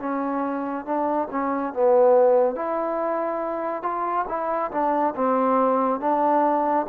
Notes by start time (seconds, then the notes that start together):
0.00 C#4
0.86 D4
1.31 C#4
1.74 B3
2.56 E4
3.83 F4
4.29 E4
4.71 D4
5.15 C4
6.01 D4